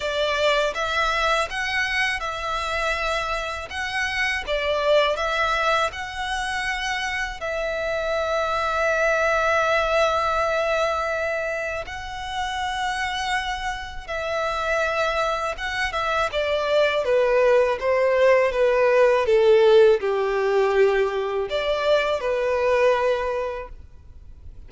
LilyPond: \new Staff \with { instrumentName = "violin" } { \time 4/4 \tempo 4 = 81 d''4 e''4 fis''4 e''4~ | e''4 fis''4 d''4 e''4 | fis''2 e''2~ | e''1 |
fis''2. e''4~ | e''4 fis''8 e''8 d''4 b'4 | c''4 b'4 a'4 g'4~ | g'4 d''4 b'2 | }